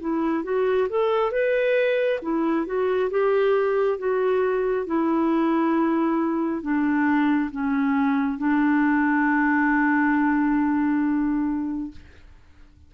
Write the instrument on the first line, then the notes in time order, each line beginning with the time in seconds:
clarinet
0.00 E4
0.44 F#4
0.89 A4
1.32 B4
2.22 E4
2.66 F#4
3.10 G4
3.98 F#4
4.86 E4
6.62 D4
7.51 C#4
8.38 D4